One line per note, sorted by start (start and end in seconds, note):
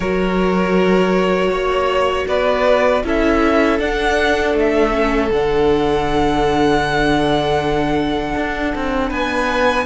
0.00 1.49 F#3
0.00 3.03 F#4
0.00 1.51 A#4
0.00 2.27 C#5
1.49 2.25 A#3
1.49 2.27 C#5
2.27 3.03 B3
2.27 3.03 B4
2.27 3.03 D5
3.03 3.79 C#4
3.03 3.79 E4
3.03 9.08 A4
3.03 3.79 E5
3.79 4.91 D4
3.79 4.53 D4
3.79 4.55 F#5
4.53 5.29 A3
4.53 5.31 E5
4.91 5.29 C#4
5.30 8.34 D3
5.30 9.85 D4
5.30 9.11 F#5
8.36 8.74 D4
8.75 9.10 C4
9.08 9.85 B3
9.08 9.84 B4
9.08 9.85 G#5